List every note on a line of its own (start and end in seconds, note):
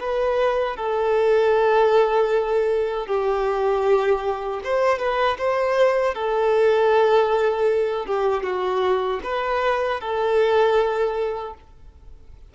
0.00 0.77 B4
0.77 3.07 A4
3.07 4.61 G4
4.64 4.99 C5
4.99 5.37 B4
5.38 6.14 C5
6.14 8.06 A4
8.06 8.43 G4
8.43 9.20 F#4
9.23 10.00 B4
10.00 11.54 A4